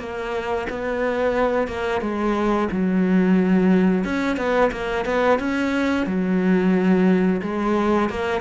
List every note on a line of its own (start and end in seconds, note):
0.00 0.67 A#3
0.70 1.68 B3
1.68 2.01 A#3
2.01 2.69 G#3
2.72 4.04 F#3
4.04 4.37 C#4
4.37 4.71 B3
4.72 5.06 A#3
5.06 5.39 B3
5.39 6.07 C#4
6.07 7.42 F#3
7.42 8.10 G#3
8.10 8.41 A#3